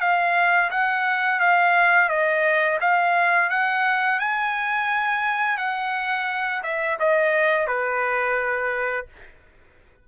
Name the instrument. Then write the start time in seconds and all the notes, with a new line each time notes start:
trumpet
0.00 F5
0.70 F#5
1.40 F5
2.08 D#5
2.80 F5
3.49 F#5
4.19 G#5
5.57 F#5
6.62 E5
6.99 D#5
7.66 B4